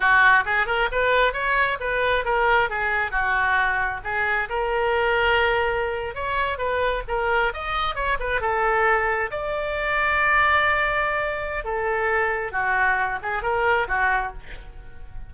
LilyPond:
\new Staff \with { instrumentName = "oboe" } { \time 4/4 \tempo 4 = 134 fis'4 gis'8 ais'8 b'4 cis''4 | b'4 ais'4 gis'4 fis'4~ | fis'4 gis'4 ais'2~ | ais'4.~ ais'16 cis''4 b'4 ais'16~ |
ais'8. dis''4 cis''8 b'8 a'4~ a'16~ | a'8. d''2.~ d''16~ | d''2 a'2 | fis'4. gis'8 ais'4 fis'4 | }